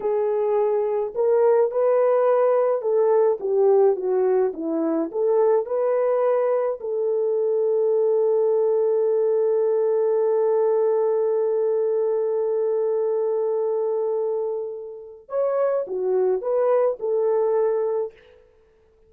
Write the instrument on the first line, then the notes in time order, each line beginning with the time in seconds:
horn
0.00 G#4
1.14 A#4
1.71 B4
2.81 A4
3.40 G4
3.95 F#4
4.53 E4
5.11 A4
5.66 B4
6.80 A4
15.28 C#5
15.87 F#4
16.41 B4
16.99 A4